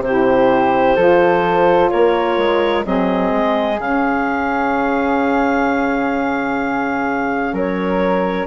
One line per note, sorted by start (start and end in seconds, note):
0.00 0.94 C3
0.00 0.96 G4
0.00 1.89 C5
0.07 0.97 E4
0.96 1.90 F3
0.96 2.82 F4
0.96 1.90 A4
1.89 2.37 A#3
1.89 2.85 A#4
1.89 2.83 C#5
2.37 2.84 G#3
2.82 3.31 F#3
2.82 3.76 C4
2.82 7.53 G#4
2.82 3.79 D#5
3.31 3.78 G#3
3.79 7.52 C#3
3.79 8.47 C#4
3.79 7.55 F5
7.52 8.46 F#3
7.52 8.47 A#4
7.52 8.47 C#5